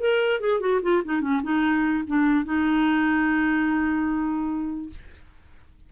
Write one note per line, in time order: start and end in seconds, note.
0.00 0.40 A#4
0.40 0.60 G#4
0.60 0.81 F#4
0.82 1.03 F4
1.05 1.21 D#4
1.21 1.42 C#4
1.43 2.05 D#4
2.07 2.45 D4
2.45 4.90 D#4